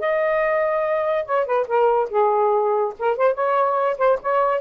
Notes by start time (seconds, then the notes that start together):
0.00 D#5
1.25 C#5
1.46 B4
1.68 A#4
2.10 G#4
2.99 A#4
3.17 C5
3.34 C#5
3.98 C5
4.22 C#5